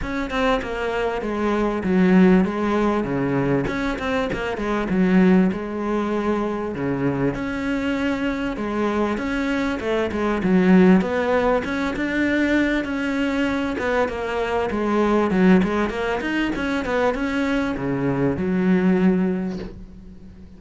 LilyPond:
\new Staff \with { instrumentName = "cello" } { \time 4/4 \tempo 4 = 98 cis'8 c'8 ais4 gis4 fis4 | gis4 cis4 cis'8 c'8 ais8 gis8 | fis4 gis2 cis4 | cis'2 gis4 cis'4 |
a8 gis8 fis4 b4 cis'8 d'8~ | d'4 cis'4. b8 ais4 | gis4 fis8 gis8 ais8 dis'8 cis'8 b8 | cis'4 cis4 fis2 | }